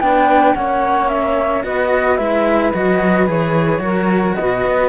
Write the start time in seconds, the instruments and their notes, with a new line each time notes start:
0.00 cello B3 D4, saxophone B4, flute G5
0.55 cello A#3 C#4, saxophone C#5, flute F#5
1.09 flute E5
1.63 cello B3 F#4, saxophone B4, flute D#5
2.17 cello G#3 E4, flute E5
2.73 cello F#3 F#4, flute D#5
3.27 cello E3 G#4, flute C#5
3.79 cello F#3 F#4, saxophone A#4
4.35 saxophone B4, flute D#5
4.41 cello B2
4.66 cello B3